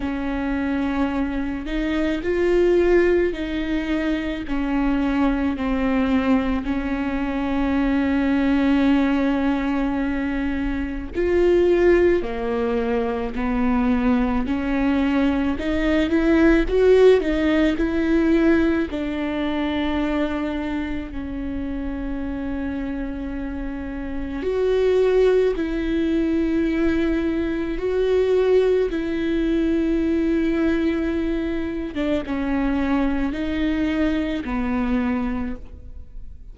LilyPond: \new Staff \with { instrumentName = "viola" } { \time 4/4 \tempo 4 = 54 cis'4. dis'8 f'4 dis'4 | cis'4 c'4 cis'2~ | cis'2 f'4 ais4 | b4 cis'4 dis'8 e'8 fis'8 dis'8 |
e'4 d'2 cis'4~ | cis'2 fis'4 e'4~ | e'4 fis'4 e'2~ | e'8. d'16 cis'4 dis'4 b4 | }